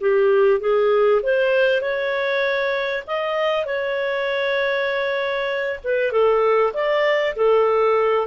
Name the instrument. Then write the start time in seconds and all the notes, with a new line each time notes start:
clarinet
0.00 G4
0.60 G#4
1.23 C5
1.81 C#5
3.07 D#5
3.65 C#5
5.84 B4
6.12 A4
6.73 D5
7.36 A4